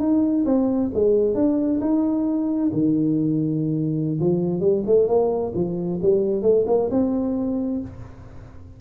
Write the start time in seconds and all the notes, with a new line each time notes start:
0.00 D#4
0.46 C4
0.94 G#3
1.35 D4
1.81 D#4
2.73 D#3
4.21 F3
4.61 G3
4.87 A3
5.08 A#3
5.55 F3
6.02 G3
6.43 A3
6.67 A#3
6.91 C4